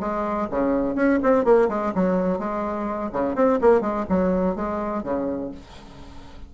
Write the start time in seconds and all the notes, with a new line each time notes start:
0.00 G#3
0.50 C#3
0.95 C#4
1.23 C4
1.44 A#3
1.69 G#3
1.95 F#3
2.39 G#3
3.12 C#3
3.35 C4
3.61 A#3
3.81 G#3
4.09 F#3
4.56 G#3
5.03 C#3